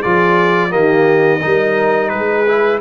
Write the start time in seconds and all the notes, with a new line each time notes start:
0.00 F3 F4 G#4 D5
0.70 D#3 A#3 G4 D#5
1.40 G3 D#4 A#4
2.09 G#3 G#4 B4
2.48 E4